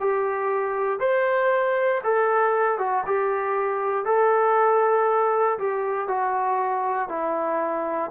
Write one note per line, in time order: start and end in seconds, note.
0.00 1.00 G4
1.00 2.02 C5
2.03 2.78 A4
2.78 3.04 F#4
3.06 4.05 G4
4.05 5.58 A4
5.58 6.08 G4
6.08 7.09 F#4
7.09 8.11 E4